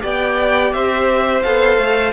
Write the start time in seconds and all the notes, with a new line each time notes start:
0.00 B3 G4 D5 G5
0.72 C4 C5 E5
1.42 B3 A4 F5
1.77 A3